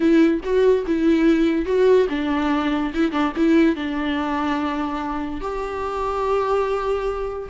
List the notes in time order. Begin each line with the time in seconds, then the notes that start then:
0.00 E4
0.43 F#4
0.86 E4
1.65 F#4
2.09 D4
2.94 E4
3.11 D4
3.36 E4
3.75 D4
5.40 G4